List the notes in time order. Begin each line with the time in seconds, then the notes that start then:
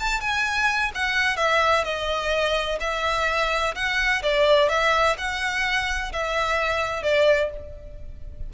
0.00 A5
0.21 G#5
0.95 F#5
1.37 E5
1.84 D#5
2.80 E5
3.75 F#5
4.23 D5
4.69 E5
5.18 F#5
6.13 E5
7.03 D5